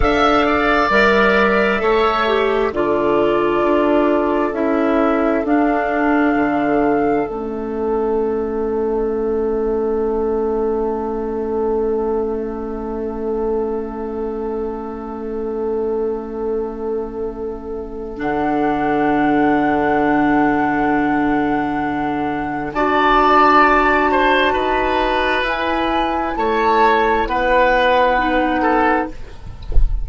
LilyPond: <<
  \new Staff \with { instrumentName = "flute" } { \time 4/4 \tempo 4 = 66 f''4 e''2 d''4~ | d''4 e''4 f''2 | e''1~ | e''1~ |
e''1 | fis''1~ | fis''4 a''2. | gis''4 a''4 fis''2 | }
  \new Staff \with { instrumentName = "oboe" } { \time 4/4 e''8 d''4. cis''4 a'4~ | a'1~ | a'1~ | a'1~ |
a'1~ | a'1~ | a'4 d''4. c''8 b'4~ | b'4 cis''4 b'4. a'8 | }
  \new Staff \with { instrumentName = "clarinet" } { \time 4/4 a'4 ais'4 a'8 g'8 f'4~ | f'4 e'4 d'2 | cis'1~ | cis'1~ |
cis'1 | d'1~ | d'4 fis'2. | e'2. dis'4 | }
  \new Staff \with { instrumentName = "bassoon" } { \time 4/4 d'4 g4 a4 d4 | d'4 cis'4 d'4 d4 | a1~ | a1~ |
a1 | d1~ | d4 d'2 dis'4 | e'4 a4 b2 | }
>>